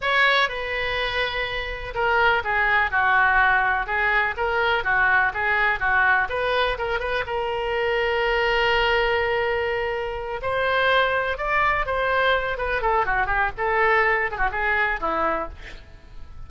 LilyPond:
\new Staff \with { instrumentName = "oboe" } { \time 4/4 \tempo 4 = 124 cis''4 b'2. | ais'4 gis'4 fis'2 | gis'4 ais'4 fis'4 gis'4 | fis'4 b'4 ais'8 b'8 ais'4~ |
ais'1~ | ais'4. c''2 d''8~ | d''8 c''4. b'8 a'8 fis'8 g'8 | a'4. gis'16 fis'16 gis'4 e'4 | }